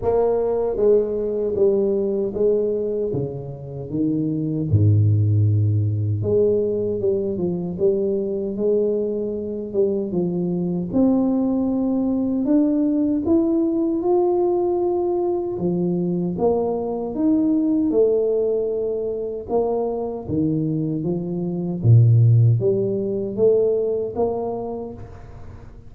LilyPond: \new Staff \with { instrumentName = "tuba" } { \time 4/4 \tempo 4 = 77 ais4 gis4 g4 gis4 | cis4 dis4 gis,2 | gis4 g8 f8 g4 gis4~ | gis8 g8 f4 c'2 |
d'4 e'4 f'2 | f4 ais4 dis'4 a4~ | a4 ais4 dis4 f4 | ais,4 g4 a4 ais4 | }